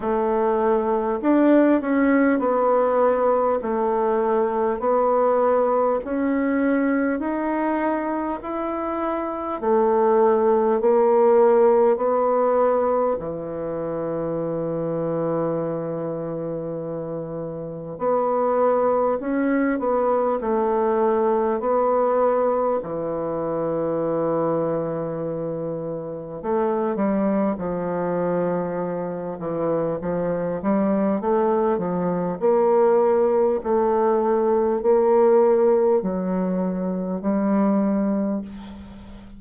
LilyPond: \new Staff \with { instrumentName = "bassoon" } { \time 4/4 \tempo 4 = 50 a4 d'8 cis'8 b4 a4 | b4 cis'4 dis'4 e'4 | a4 ais4 b4 e4~ | e2. b4 |
cis'8 b8 a4 b4 e4~ | e2 a8 g8 f4~ | f8 e8 f8 g8 a8 f8 ais4 | a4 ais4 fis4 g4 | }